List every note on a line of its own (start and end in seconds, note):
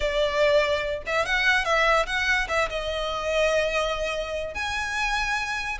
0.00 1.03 D5
1.06 1.25 E5
1.25 1.64 F#5
1.64 2.06 E5
2.06 2.47 F#5
2.48 2.69 E5
2.69 4.54 D#5
4.54 5.78 G#5